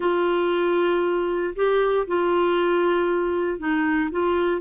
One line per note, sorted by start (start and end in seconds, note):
0.00 1.54 F4
1.55 2.06 G4
2.07 3.58 F4
3.58 4.10 D#4
4.11 4.61 F4